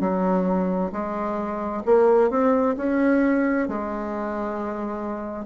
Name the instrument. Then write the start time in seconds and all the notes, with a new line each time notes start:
bassoon
0.00 F#3
0.92 G#3
1.85 A#3
2.30 C4
2.77 C#4
3.68 G#3